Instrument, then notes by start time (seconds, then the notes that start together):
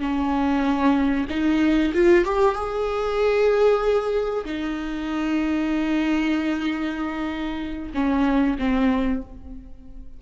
viola
0.00 C#4
1.29 D#4
1.94 F4
2.24 G4
2.55 G#4
4.45 D#4
7.94 C#4
8.59 C4